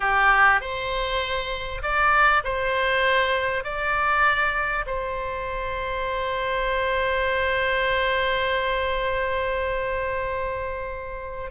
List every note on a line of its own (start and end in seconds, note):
0.00 0.60 G4
0.60 1.82 C5
1.82 2.43 D5
2.44 3.64 C5
3.64 4.85 D5
4.86 11.50 C5